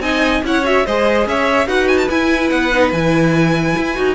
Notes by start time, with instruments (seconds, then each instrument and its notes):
0.00 cello C4, viola D#4, violin D#5 G#5
0.44 cello C#4, viola E4, violin C#5 F#5
0.64 viola F#4, violin E5
0.86 cello G#3, viola G#4, violin C5 D#5
1.26 cello C#4, violin C#5 E5
1.67 cello D#4, viola F#4, violin B4 F#5
1.88 violin G#5
1.98 violin A5
2.10 viola E4, cello E4, violin G#5
2.50 cello B3, violin F#5
2.73 viola D#4
2.92 cello E3, viola E4, violin G#5
3.77 cello E4
3.95 cello D#4, viola F#4